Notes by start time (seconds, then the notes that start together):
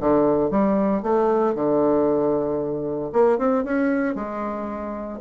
0.00 D3
0.50 G3
1.03 A3
1.55 D3
3.13 A#3
3.38 C4
3.64 C#4
4.15 G#3